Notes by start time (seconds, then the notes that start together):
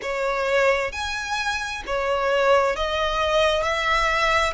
0.02 C#5
0.92 G#5
1.86 C#5
2.76 D#5
3.62 E5